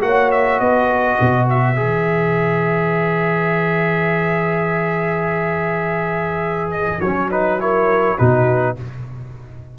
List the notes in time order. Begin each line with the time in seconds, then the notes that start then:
0.00 A#3 F#4 C#5 F#5
0.31 E5
0.59 B3 B4 D#5
1.20 B2
1.50 E5
1.76 E3 G#4
6.71 D#5
7.00 F#3 C#4 C#5
7.30 D#4 B4
7.59 E4 A#4 C#5
8.18 B2 D#4 F#4 B4